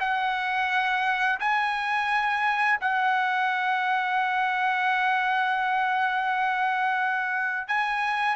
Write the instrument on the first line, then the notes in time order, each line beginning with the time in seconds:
trumpet
0.00 F#5
1.40 G#5
2.81 F#5
7.68 G#5